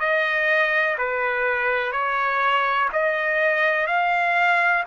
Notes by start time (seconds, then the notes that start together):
0.00 D#5
0.99 B4
1.93 C#5
2.93 D#5
3.88 F5